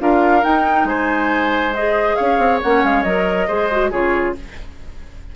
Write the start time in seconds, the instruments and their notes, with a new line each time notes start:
0.00 bassoon D4, clarinet F4, oboe A#4, flute F5
0.42 clarinet D#4, bassoon D#4, flute G5
0.85 bassoon G#3, oboe C5, flute G#5
1.75 clarinet G#4, flute D#5
2.16 bassoon C#4, oboe C#5, flute F5
2.39 bassoon C4
2.63 bassoon A#3, clarinet C#4, flute F#5
2.84 bassoon G#3, flute F5
3.03 bassoon F#3, clarinet A#4, flute D#5
3.47 bassoon G#3, clarinet G#4, oboe C5
3.72 clarinet F#4
3.91 bassoon C#3, clarinet F4, oboe G#4, flute C#5